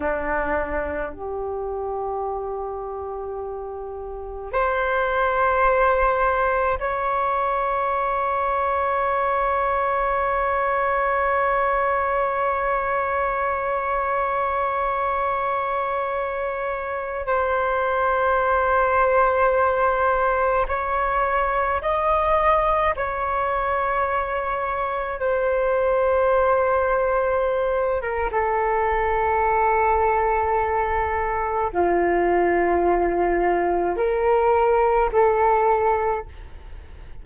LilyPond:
\new Staff \with { instrumentName = "flute" } { \time 4/4 \tempo 4 = 53 d'4 g'2. | c''2 cis''2~ | cis''1~ | cis''2.~ cis''16 c''8.~ |
c''2~ c''16 cis''4 dis''8.~ | dis''16 cis''2 c''4.~ c''16~ | c''8. ais'16 a'2. | f'2 ais'4 a'4 | }